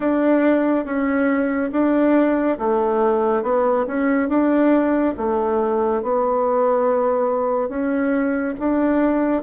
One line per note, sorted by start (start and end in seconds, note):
0.00 0.85 D4
0.85 1.71 C#4
1.72 2.58 D4
2.58 3.42 A3
3.42 3.85 B3
3.87 4.29 C#4
4.29 5.14 D4
5.17 6.02 A3
6.02 7.68 B3
7.68 8.54 C#4
8.59 9.42 D4